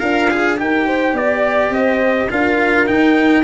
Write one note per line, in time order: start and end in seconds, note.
0.00 0.60 D4
0.00 0.58 F4
0.00 0.29 A#4
0.00 0.57 F5
0.31 0.57 G#4
0.57 1.13 D#4
0.57 2.29 G4
0.57 0.86 A#4
0.57 1.17 G5
0.86 1.14 C5
1.13 1.70 B3
1.13 1.72 D5
1.13 1.74 D5
1.70 2.27 C4
1.70 2.30 C5
1.70 2.31 D#5
2.30 2.89 D4
2.30 2.87 F4
2.30 3.44 A#4
2.30 2.88 F5
2.87 3.44 D#4
2.87 3.44 G5